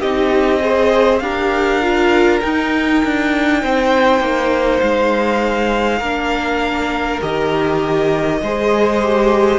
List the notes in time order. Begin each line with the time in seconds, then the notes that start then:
0.00 C4 D#4 G4 D#5
0.60 G#4 C5
1.19 D4 G4 A#4 F5
1.82 F4
2.42 D#4 G5
3.05 D4
3.62 C4 C5
4.20 A#3
4.80 G#3 F5
5.99 A#3 D4 A#4
7.21 D#3 G4 D#5
8.42 G#3 G#4 C5
9.02 G4